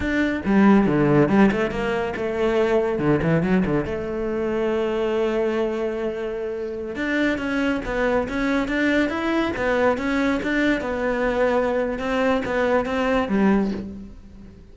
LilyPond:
\new Staff \with { instrumentName = "cello" } { \time 4/4 \tempo 4 = 140 d'4 g4 d4 g8 a8 | ais4 a2 d8 e8 | fis8 d8 a2.~ | a1~ |
a16 d'4 cis'4 b4 cis'8.~ | cis'16 d'4 e'4 b4 cis'8.~ | cis'16 d'4 b2~ b8. | c'4 b4 c'4 g4 | }